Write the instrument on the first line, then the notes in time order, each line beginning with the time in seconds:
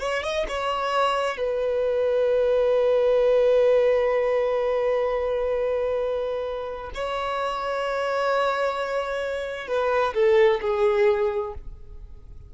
violin
0.00 C#5
0.23 D#5
0.49 C#5
1.38 B4
6.95 C#5
9.68 B4
10.15 A4
10.62 G#4